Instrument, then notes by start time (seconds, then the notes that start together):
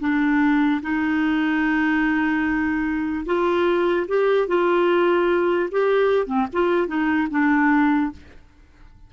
clarinet
0.00 D4
0.82 D#4
3.25 F4
4.08 G4
4.48 F4
5.71 G4
6.27 C4
6.53 F4
6.87 D#4
7.31 D4